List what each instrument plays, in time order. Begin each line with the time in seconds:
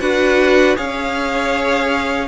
0.00 cello D4, viola F#4, violin B4 F#5
0.76 cello C#4, viola G#4, violin C#5 F5